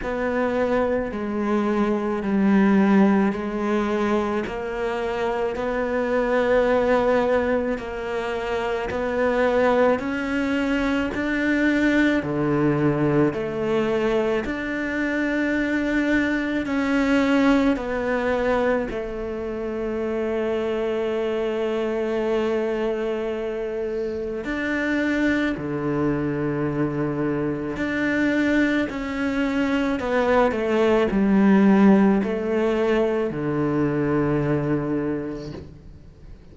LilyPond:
\new Staff \with { instrumentName = "cello" } { \time 4/4 \tempo 4 = 54 b4 gis4 g4 gis4 | ais4 b2 ais4 | b4 cis'4 d'4 d4 | a4 d'2 cis'4 |
b4 a2.~ | a2 d'4 d4~ | d4 d'4 cis'4 b8 a8 | g4 a4 d2 | }